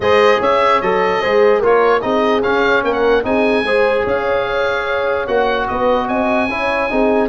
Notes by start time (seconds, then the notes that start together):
0.00 G#3 G#4 C5 D#5
0.40 C#4 C#5 E5
0.81 F#3 A4 D#5
1.20 G#3 G#4 C5
1.59 A#3 F4 A#4
1.65 C#5
2.01 C4 D#4 G#4 D#5
2.42 C#4 F5
2.83 A#3 A#4 G5
2.92 F#5
3.23 C4 D#4 G#4 G#5
3.63 G#3 G#4 C5
4.03 C#4 C#5 F5
5.27 A#3 F#4 F#5
5.67 B3 B4 D#5
6.07 C4 D#5 G#5
6.49 C#4 E4 C#5
6.89 C4 D#4 G#4